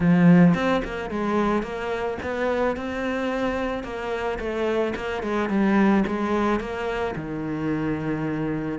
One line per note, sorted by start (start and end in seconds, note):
0.00 0.54 F3
0.54 0.82 C4
0.84 1.10 A#3
1.10 1.62 G#3
1.62 2.17 A#3
2.22 2.76 B3
2.76 3.83 C4
3.83 4.38 A#3
4.39 4.94 A3
4.95 5.23 A#3
5.23 5.49 G#3
5.49 6.04 G3
6.07 6.59 G#3
6.59 7.14 A#3
7.15 8.78 D#3